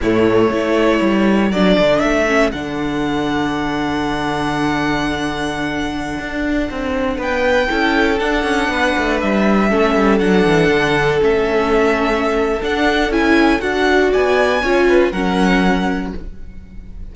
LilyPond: <<
  \new Staff \with { instrumentName = "violin" } { \time 4/4 \tempo 4 = 119 cis''2. d''4 | e''4 fis''2.~ | fis''1~ | fis''2~ fis''16 g''4.~ g''16~ |
g''16 fis''2 e''4.~ e''16~ | e''16 fis''2 e''4.~ e''16~ | e''4 fis''4 gis''4 fis''4 | gis''2 fis''2 | }
  \new Staff \with { instrumentName = "violin" } { \time 4/4 e'4 a'2.~ | a'1~ | a'1~ | a'2~ a'16 b'4 a'8.~ |
a'4~ a'16 b'2 a'8.~ | a'1~ | a'1 | d''4 cis''8 b'8 ais'2 | }
  \new Staff \with { instrumentName = "viola" } { \time 4/4 a4 e'2 d'4~ | d'8 cis'8 d'2.~ | d'1~ | d'2.~ d'16 e'8.~ |
e'16 d'2. cis'8.~ | cis'16 d'2 cis'4.~ cis'16~ | cis'4 d'4 e'4 fis'4~ | fis'4 f'4 cis'2 | }
  \new Staff \with { instrumentName = "cello" } { \time 4/4 a,4 a4 g4 fis8 d8 | a4 d2.~ | d1~ | d16 d'4 c'4 b4 cis'8.~ |
cis'16 d'8 cis'8 b8 a8 g4 a8 g16~ | g16 fis8 e8 d4 a4.~ a16~ | a4 d'4 cis'4 d'4 | b4 cis'4 fis2 | }
>>